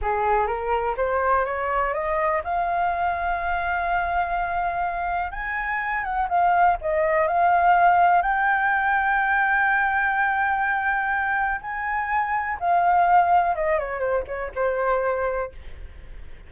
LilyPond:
\new Staff \with { instrumentName = "flute" } { \time 4/4 \tempo 4 = 124 gis'4 ais'4 c''4 cis''4 | dis''4 f''2.~ | f''2. gis''4~ | gis''8 fis''8 f''4 dis''4 f''4~ |
f''4 g''2.~ | g''1 | gis''2 f''2 | dis''8 cis''8 c''8 cis''8 c''2 | }